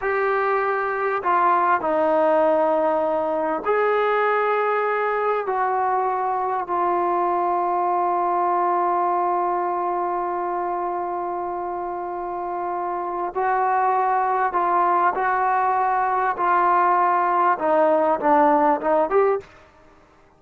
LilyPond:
\new Staff \with { instrumentName = "trombone" } { \time 4/4 \tempo 4 = 99 g'2 f'4 dis'4~ | dis'2 gis'2~ | gis'4 fis'2 f'4~ | f'1~ |
f'1~ | f'2 fis'2 | f'4 fis'2 f'4~ | f'4 dis'4 d'4 dis'8 g'8 | }